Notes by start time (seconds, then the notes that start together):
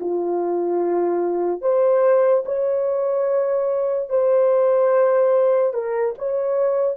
0.00 F4
1.61 C5
2.45 C#5
4.09 C5
5.73 A#4
6.18 C#5